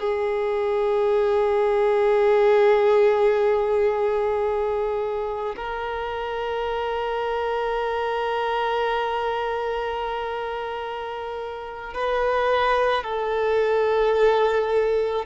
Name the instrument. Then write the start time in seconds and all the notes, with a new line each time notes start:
violin
0.00 G#4
5.56 A#4
11.94 B4
13.03 A4